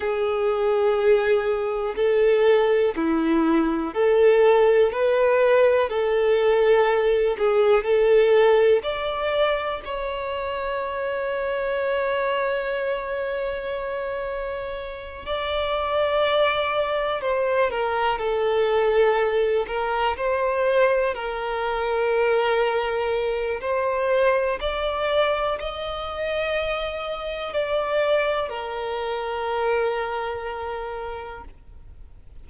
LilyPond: \new Staff \with { instrumentName = "violin" } { \time 4/4 \tempo 4 = 61 gis'2 a'4 e'4 | a'4 b'4 a'4. gis'8 | a'4 d''4 cis''2~ | cis''2.~ cis''8 d''8~ |
d''4. c''8 ais'8 a'4. | ais'8 c''4 ais'2~ ais'8 | c''4 d''4 dis''2 | d''4 ais'2. | }